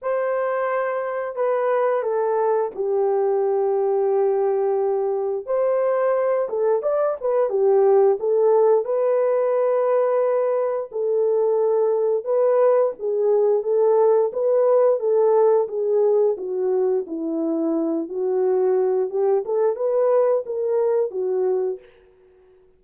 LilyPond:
\new Staff \with { instrumentName = "horn" } { \time 4/4 \tempo 4 = 88 c''2 b'4 a'4 | g'1 | c''4. a'8 d''8 b'8 g'4 | a'4 b'2. |
a'2 b'4 gis'4 | a'4 b'4 a'4 gis'4 | fis'4 e'4. fis'4. | g'8 a'8 b'4 ais'4 fis'4 | }